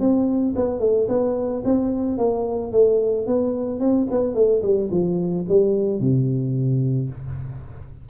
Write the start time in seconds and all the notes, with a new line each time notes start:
0.00 C4
0.56 B3
0.80 A3
1.09 B3
1.65 C4
2.18 A#3
2.72 A3
3.27 B3
3.80 C4
4.11 B3
4.35 A3
4.63 G3
4.91 F3
5.49 G3
6.00 C3